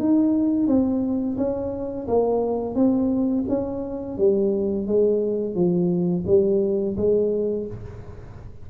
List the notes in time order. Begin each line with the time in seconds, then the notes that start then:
0.00 D#4
0.68 C4
1.38 C#4
2.08 A#3
2.76 C4
3.49 C#4
4.18 G3
4.88 G#3
5.55 F3
6.27 G3
6.97 G#3